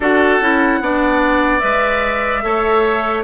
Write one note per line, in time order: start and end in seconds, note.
0.00 0.39 D4
0.00 0.41 F#4
0.00 0.79 A4
0.00 1.59 F#5
0.40 0.80 C#4
0.40 0.82 E4
0.80 1.61 B3
0.80 1.60 D4
0.80 2.43 D5
1.59 2.43 G#3
1.59 2.42 B4
1.59 3.21 E5
2.42 3.23 A3
2.42 3.23 A4
2.42 3.23 C#5